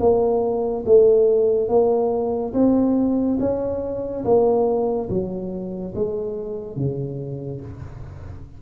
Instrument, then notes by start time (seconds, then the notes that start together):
tuba
0.00 A#3
0.86 A3
1.69 A#3
2.54 C4
3.40 C#4
4.25 A#3
5.10 F#3
5.95 G#3
6.77 C#3